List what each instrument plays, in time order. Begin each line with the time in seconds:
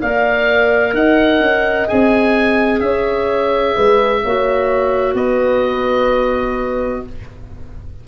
0.00 tuba A#3, clarinet A#4, horn D5, oboe F5
0.93 tuba D#4, horn D#5, oboe F#5
1.40 tuba C#4
1.88 tuba C4, clarinet G#4, oboe G#5
2.80 tuba C#4, horn C#5, oboe E5
3.75 tuba G#3, horn B4
4.23 tuba A#3, clarinet F#4, horn C#5
5.14 tuba B3, horn B4, oboe D#5